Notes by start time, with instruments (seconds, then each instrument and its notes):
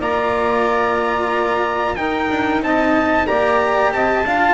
0.00 double bass A#3, cello F4, saxophone D5, trumpet A#5
1.96 double bass D#4, cello D#4, saxophone A#4, trumpet G5
2.31 double bass D4
2.62 double bass C4, saxophone D#5, trumpet A5
3.27 double bass A#3, cello G4, saxophone D5, trumpet A#5
3.93 double bass C4, saxophone D#5, trumpet A5
4.26 double bass D4, cello F4, saxophone F5